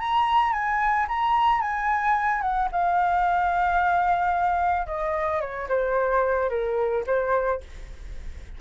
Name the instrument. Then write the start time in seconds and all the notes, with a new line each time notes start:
flute
0.00 A#5
0.53 G#5
1.08 A#5
1.62 G#5
2.42 F#5
2.72 F5
4.87 D#5
5.41 C#5
5.69 C5
6.50 A#4
7.07 C5